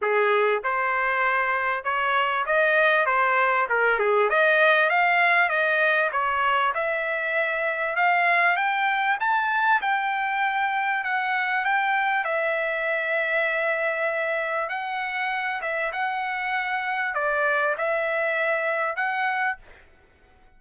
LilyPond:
\new Staff \with { instrumentName = "trumpet" } { \time 4/4 \tempo 4 = 98 gis'4 c''2 cis''4 | dis''4 c''4 ais'8 gis'8 dis''4 | f''4 dis''4 cis''4 e''4~ | e''4 f''4 g''4 a''4 |
g''2 fis''4 g''4 | e''1 | fis''4. e''8 fis''2 | d''4 e''2 fis''4 | }